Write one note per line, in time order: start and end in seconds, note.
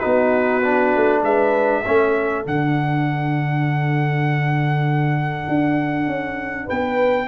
0.00 0.95 B3
0.00 0.62 D#4
0.00 1.21 F#4
0.00 1.21 B4
0.63 1.84 D4
0.95 1.22 A3
1.22 1.83 G#3
1.22 1.82 B4
1.22 2.45 E5
1.82 2.45 A3
1.82 2.44 C#4
1.82 6.65 A4
2.44 5.48 D3
2.44 7.27 D4
2.44 6.69 F#5
5.48 6.07 D4
6.07 6.68 C#4
6.65 7.27 B3
6.65 7.26 B4
6.65 7.27 G5